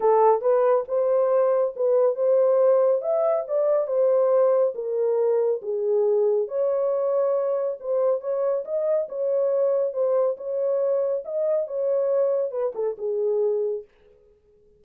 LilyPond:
\new Staff \with { instrumentName = "horn" } { \time 4/4 \tempo 4 = 139 a'4 b'4 c''2 | b'4 c''2 e''4 | d''4 c''2 ais'4~ | ais'4 gis'2 cis''4~ |
cis''2 c''4 cis''4 | dis''4 cis''2 c''4 | cis''2 dis''4 cis''4~ | cis''4 b'8 a'8 gis'2 | }